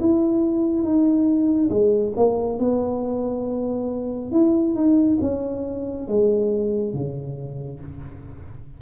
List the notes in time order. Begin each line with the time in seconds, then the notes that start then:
0.00 E4
0.82 D#4
1.70 G#3
2.16 A#3
2.59 B3
4.31 E4
4.74 D#4
5.21 C#4
6.08 G#3
6.93 C#3